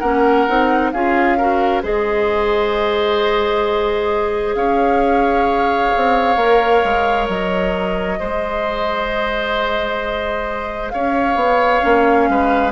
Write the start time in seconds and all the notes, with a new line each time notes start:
0.00 A#3 C#4 A#4 F#5
0.48 C4 D#4
0.92 C#4 F4 G#4 F5
1.38 F#4 A#4
1.83 G#3 G#4 C5 D#5
4.55 C#4 C#5 F5
5.97 C4
6.37 A#3 A#4
6.85 G#3
7.29 F#3 D#5
8.18 G#3 G#4 C5
10.90 C#4 C#5 F5
11.36 B3
11.81 A#3 C#4
12.29 G#3 B4